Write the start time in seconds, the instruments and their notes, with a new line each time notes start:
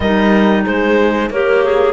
0.00 cello G3, clarinet D#4 D#5, horn A#4
0.64 cello G#3, horn G#4, clarinet C5
1.30 cello A#3, clarinet G4 A#4, horn C#5
1.64 clarinet G#4